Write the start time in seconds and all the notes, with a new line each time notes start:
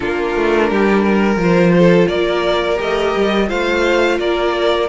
0.00 A#3 D4 F4 A#4
0.35 A3
0.70 G3 G4
1.03 A#4
1.36 F3 F4 C5
1.78 A4
2.08 A#3 A#4 D5
2.75 A3 G4 D#5
3.16 G3
3.48 A3 F4 C5 F5
4.18 A#3 A#4 D5